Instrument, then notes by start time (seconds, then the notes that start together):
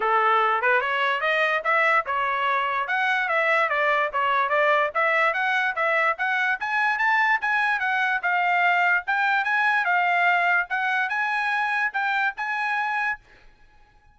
trumpet
0.00 A4
0.61 B4
0.80 C#5
1.20 D#5
1.64 E5
2.06 C#5
2.87 F#5
3.28 E5
3.69 D5
4.12 C#5
4.49 D5
4.94 E5
5.33 F#5
5.75 E5
6.18 F#5
6.59 G#5
6.98 A5
7.41 G#5
7.79 F#5
8.22 F5
9.06 G5
9.44 G#5
9.84 F5
10.69 F#5
11.09 G#5
11.93 G5
12.36 G#5